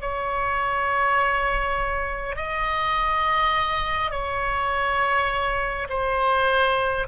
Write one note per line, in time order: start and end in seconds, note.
0.00 2.35 C#5
2.35 4.11 D#5
4.11 5.87 C#5
5.89 7.06 C5